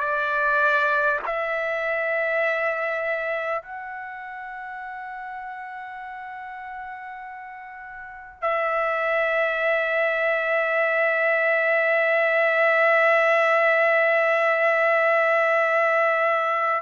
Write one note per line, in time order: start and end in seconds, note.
0.00 1.20 D5
1.25 3.62 E5
3.62 8.42 F#5
8.42 16.82 E5